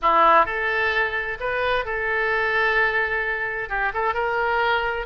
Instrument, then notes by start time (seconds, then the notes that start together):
oboe
0.01 E4
0.45 A4
1.40 B4
1.85 A4
3.69 G4
3.93 A4
4.14 A#4